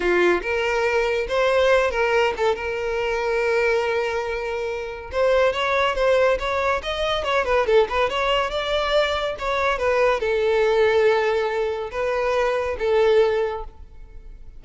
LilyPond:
\new Staff \with { instrumentName = "violin" } { \time 4/4 \tempo 4 = 141 f'4 ais'2 c''4~ | c''8 ais'4 a'8 ais'2~ | ais'1 | c''4 cis''4 c''4 cis''4 |
dis''4 cis''8 b'8 a'8 b'8 cis''4 | d''2 cis''4 b'4 | a'1 | b'2 a'2 | }